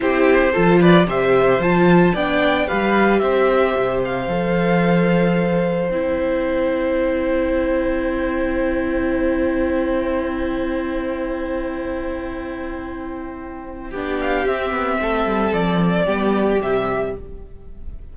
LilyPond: <<
  \new Staff \with { instrumentName = "violin" } { \time 4/4 \tempo 4 = 112 c''4. d''8 e''4 a''4 | g''4 f''4 e''4. f''8~ | f''2. g''4~ | g''1~ |
g''1~ | g''1~ | g''2~ g''8 f''8 e''4~ | e''4 d''2 e''4 | }
  \new Staff \with { instrumentName = "violin" } { \time 4/4 g'4 a'8 b'8 c''2 | d''4 b'4 c''2~ | c''1~ | c''1~ |
c''1~ | c''1~ | c''2 g'2 | a'2 g'2 | }
  \new Staff \with { instrumentName = "viola" } { \time 4/4 e'4 f'4 g'4 f'4 | d'4 g'2. | a'2. e'4~ | e'1~ |
e'1~ | e'1~ | e'2 d'4 c'4~ | c'2 b4 g4 | }
  \new Staff \with { instrumentName = "cello" } { \time 4/4 c'4 f4 c4 f4 | b4 g4 c'4 c4 | f2. c'4~ | c'1~ |
c'1~ | c'1~ | c'2 b4 c'8 b8 | a8 g8 f4 g4 c4 | }
>>